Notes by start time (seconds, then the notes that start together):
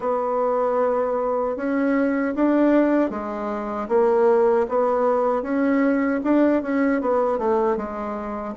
0.00 B3
1.56 C#4
2.35 D4
3.10 G#3
3.88 A#3
4.68 B3
5.42 C#4
6.23 D4
6.62 C#4
7.01 B3
7.38 A3
7.76 G#3